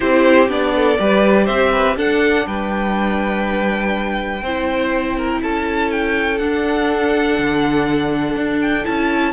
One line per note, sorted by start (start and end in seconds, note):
0.00 0.49 C4
0.00 0.48 E4
0.00 0.73 G4
0.00 0.49 C5
0.48 0.98 B3
0.48 0.97 D4
0.48 1.46 D5
0.75 0.99 A4
0.98 1.48 G3
0.98 1.96 G4
0.98 1.44 B4
1.44 1.96 C4
1.44 1.69 C5
1.44 1.95 E5
1.72 1.96 B4
1.96 2.45 D4
1.96 4.42 D4
1.96 2.46 A4
1.96 2.47 F#5
2.46 4.41 G3
2.46 4.42 B4
2.46 5.42 G5
4.41 5.40 C4
4.41 6.39 E4
4.41 5.16 C5
5.17 5.41 A#4
5.42 6.40 C#4
5.42 9.33 A4
5.42 5.91 A5
5.91 6.37 G5
6.37 8.85 D4
6.37 7.38 D4
6.37 8.59 F#5
7.38 8.35 D3
8.35 8.84 D4
8.61 8.85 G5
8.85 9.33 C#4
8.85 9.33 E4
8.85 9.33 A5